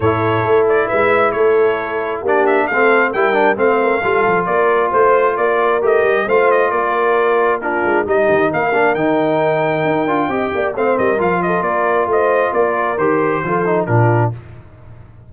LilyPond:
<<
  \new Staff \with { instrumentName = "trumpet" } { \time 4/4 \tempo 4 = 134 cis''4. d''8 e''4 cis''4~ | cis''4 d''8 e''8 f''4 g''4 | f''2 d''4 c''4 | d''4 dis''4 f''8 dis''8 d''4~ |
d''4 ais'4 dis''4 f''4 | g''1 | f''8 dis''8 f''8 dis''8 d''4 dis''4 | d''4 c''2 ais'4 | }
  \new Staff \with { instrumentName = "horn" } { \time 4/4 a'2 b'4 a'4~ | a'4 g'4 a'4 ais'4 | c''8 ais'8 a'4 ais'4 c''4 | ais'2 c''4 ais'4~ |
ais'4 f'4 g'4 ais'4~ | ais'2. dis''8 d''8 | c''8 ais'4 a'8 ais'4 c''4 | ais'2 a'4 f'4 | }
  \new Staff \with { instrumentName = "trombone" } { \time 4/4 e'1~ | e'4 d'4 c'4 e'8 d'8 | c'4 f'2.~ | f'4 g'4 f'2~ |
f'4 d'4 dis'4. d'8 | dis'2~ dis'8 f'8 g'4 | c'4 f'2.~ | f'4 g'4 f'8 dis'8 d'4 | }
  \new Staff \with { instrumentName = "tuba" } { \time 4/4 a,4 a4 gis4 a4~ | a4 ais4 a4 g4 | a4 g8 f8 ais4 a4 | ais4 a8 g8 a4 ais4~ |
ais4. gis8 g8 dis8 ais4 | dis2 dis'8 d'8 c'8 ais8 | a8 g8 f4 ais4 a4 | ais4 dis4 f4 ais,4 | }
>>